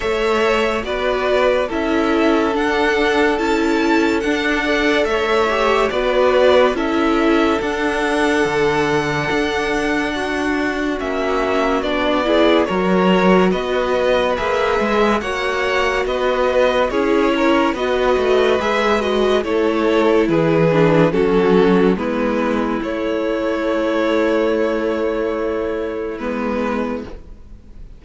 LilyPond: <<
  \new Staff \with { instrumentName = "violin" } { \time 4/4 \tempo 4 = 71 e''4 d''4 e''4 fis''4 | a''4 fis''4 e''4 d''4 | e''4 fis''2.~ | fis''4 e''4 d''4 cis''4 |
dis''4 e''4 fis''4 dis''4 | cis''4 dis''4 e''8 dis''8 cis''4 | b'4 a'4 b'4 cis''4~ | cis''2. b'4 | }
  \new Staff \with { instrumentName = "violin" } { \time 4/4 cis''4 b'4 a'2~ | a'4. d''8 cis''4 b'4 | a'1 | fis'2~ fis'8 gis'8 ais'4 |
b'2 cis''4 b'4 | gis'8 ais'8 b'2 a'4 | gis'4 fis'4 e'2~ | e'1 | }
  \new Staff \with { instrumentName = "viola" } { \time 4/4 a'4 fis'4 e'4 d'4 | e'4 d'8 a'4 g'8 fis'4 | e'4 d'2.~ | d'4 cis'4 d'8 e'8 fis'4~ |
fis'4 gis'4 fis'2 | e'4 fis'4 gis'8 fis'8 e'4~ | e'8 d'8 cis'4 b4 a4~ | a2. b4 | }
  \new Staff \with { instrumentName = "cello" } { \time 4/4 a4 b4 cis'4 d'4 | cis'4 d'4 a4 b4 | cis'4 d'4 d4 d'4~ | d'4 ais4 b4 fis4 |
b4 ais8 gis8 ais4 b4 | cis'4 b8 a8 gis4 a4 | e4 fis4 gis4 a4~ | a2. gis4 | }
>>